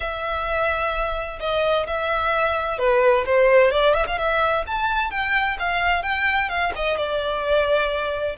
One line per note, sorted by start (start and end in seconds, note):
0.00 1.39 E5
1.40 1.86 D#5
1.86 2.78 E5
2.78 3.25 B4
3.25 3.71 C5
3.71 3.94 D5
3.94 4.05 E5
4.07 4.18 F5
4.18 4.64 E5
4.67 5.10 A5
5.10 5.57 G5
5.59 6.02 F5
6.02 6.49 G5
6.49 6.72 F5
6.75 6.97 D#5
6.97 8.36 D5